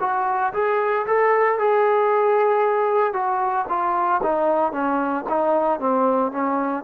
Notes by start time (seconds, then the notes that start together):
0.00 F#4
0.53 G#4
1.06 A4
1.58 G#4
3.13 F#4
3.68 F4
4.23 D#4
4.72 C#4
5.29 D#4
5.79 C4
6.31 C#4